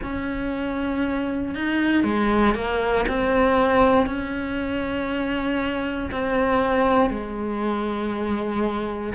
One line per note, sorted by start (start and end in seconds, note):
0.02 1.54 C#4
1.54 2.03 D#4
2.03 2.54 G#3
2.54 3.05 A#3
3.07 4.06 C4
4.06 6.10 C#4
6.11 7.10 C4
7.10 9.13 G#3